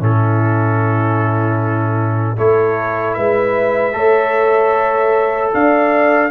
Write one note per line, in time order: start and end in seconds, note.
0.00 2.38 A2
0.00 2.37 C#4
0.00 2.37 E4
0.00 2.38 A4
2.37 3.17 A3
2.37 3.93 E4
2.37 3.16 A4
2.37 3.14 C#5
3.14 3.94 G#3
3.14 3.95 B4
3.14 5.51 E5
3.93 5.52 A3
3.93 6.30 A4
3.93 5.54 C#5
5.54 6.31 D4
5.54 6.31 D5
5.54 6.31 F5